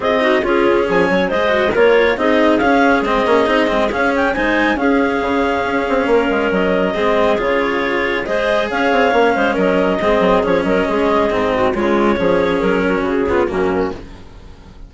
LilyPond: <<
  \new Staff \with { instrumentName = "clarinet" } { \time 4/4 \tempo 4 = 138 dis''4 gis'4 gis''4 dis''4 | cis''4 dis''4 f''4 dis''4~ | dis''4 f''8 g''8 gis''4 f''4~ | f''2. dis''4~ |
dis''4 cis''2 dis''4 | f''2 dis''2 | cis''8 dis''2~ dis''8 cis''4~ | cis''4 ais'4 gis'4 fis'4 | }
  \new Staff \with { instrumentName = "clarinet" } { \time 4/4 gis'8 fis'8 f'4 gis'8 cis''8 c''4 | ais'4 gis'2.~ | gis'2 c''4 gis'4~ | gis'2 ais'2 |
gis'2. c''4 | cis''4. c''8 ais'4 gis'4~ | gis'8 ais'8 gis'4. fis'8 f'4 | gis'4. fis'4 f'8 cis'4 | }
  \new Staff \with { instrumentName = "cello" } { \time 4/4 f'8 dis'8 cis'2 gis'8 fis'8 | f'4 dis'4 cis'4 c'8 cis'8 | dis'8 c'8 cis'4 dis'4 cis'4~ | cis'1 |
c'4 f'2 gis'4~ | gis'4 cis'2 c'4 | cis'2 c'4 gis4 | cis'2~ cis'8 b8 ais4 | }
  \new Staff \with { instrumentName = "bassoon" } { \time 4/4 c'4 cis'4 f8 fis8 gis4 | ais4 c'4 cis'4 gis8 ais8 | c'8 gis8 cis'4 gis4 cis'4 | cis4 cis'8 c'8 ais8 gis8 fis4 |
gis4 cis2 gis4 | cis'8 c'8 ais8 gis8 fis4 gis8 fis8 | f8 fis8 gis4 gis,4 cis4 | f4 fis4 cis4 fis,4 | }
>>